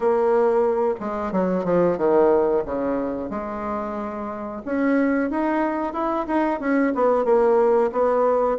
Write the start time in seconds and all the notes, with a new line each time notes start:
0.00 A#3
1.00 G#3
1.32 F#3
1.64 F3
1.97 D#3
2.65 C#3
3.30 G#3
4.65 C#4
5.30 D#4
5.93 E4
6.27 D#4
6.60 C#4
6.94 B3
7.25 A#3
7.92 B3